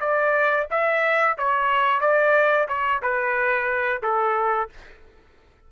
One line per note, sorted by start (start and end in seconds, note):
0.00 0.67 D5
0.70 1.37 E5
1.38 2.00 C#5
2.00 2.67 D5
2.68 3.01 C#5
3.02 4.02 B4
4.02 4.69 A4